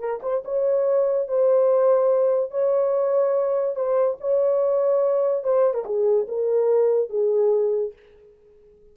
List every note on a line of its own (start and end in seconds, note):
0.00 0.21 A#4
0.22 0.43 C5
0.45 1.28 C#5
1.28 2.51 C5
2.51 3.76 C#5
3.76 4.17 C5
4.20 5.44 C#5
5.44 5.74 C5
5.74 5.85 A#4
5.85 6.27 G#4
6.28 7.10 A#4
7.10 7.93 G#4